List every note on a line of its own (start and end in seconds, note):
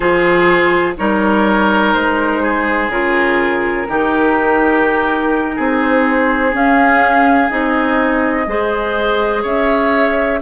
0.00 0.95 F3
0.00 0.96 F4
0.00 0.94 G#4
0.00 0.94 C5
0.96 1.94 G3
0.96 2.90 D#4
0.96 2.42 A#4
0.96 1.93 C#5
1.93 2.88 G#3
1.93 2.90 C5
2.42 3.87 G#4
2.88 3.85 C#3
2.88 3.87 F4
2.88 5.81 A#4
3.87 5.57 D#3
3.87 6.51 D#4
3.87 5.55 G4
5.55 6.53 C4
5.55 8.45 G#4
5.81 6.54 C5
6.51 7.48 C#4
6.51 7.50 C#4
6.51 7.50 F5
7.49 8.46 C4
7.49 8.45 D#4
7.49 9.43 D#5
8.46 9.43 G#3
8.46 10.41 G#4
8.46 9.42 C5
9.42 10.40 C#4
9.42 10.39 C#5
9.42 10.41 E5